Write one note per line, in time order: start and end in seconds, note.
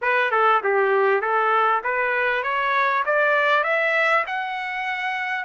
0.01 0.31 B4
0.31 0.61 A4
0.63 1.21 G4
1.21 1.82 A4
1.83 2.43 B4
2.43 3.03 C#5
3.05 3.63 D5
3.63 4.24 E5
4.26 5.44 F#5